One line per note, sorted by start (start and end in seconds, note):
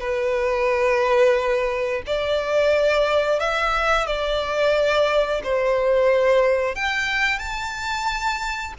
0.00 2.02 B4
2.06 3.40 D5
3.40 4.06 E5
4.06 5.41 D5
5.44 6.75 C5
6.75 7.39 G5
7.39 8.73 A5